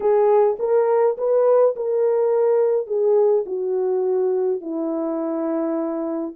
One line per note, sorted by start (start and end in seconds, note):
0.00 0.57 G#4
0.59 1.17 A#4
1.17 1.75 B4
1.75 2.86 A#4
2.86 3.44 G#4
3.46 4.61 F#4
4.61 6.34 E4